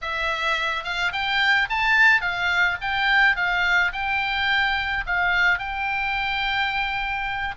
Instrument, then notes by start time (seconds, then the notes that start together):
oboe
0.01 E5
0.84 F5
1.12 G5
1.69 A5
2.21 F5
2.81 G5
3.35 F5
3.92 G5
5.06 F5
5.58 G5